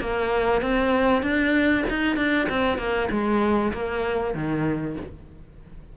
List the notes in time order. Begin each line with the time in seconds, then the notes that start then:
0.00 A#3
0.61 C4
1.22 D4
1.89 D#4
2.16 D4
2.49 C4
2.78 A#3
3.10 G#3
3.73 A#3
4.34 D#3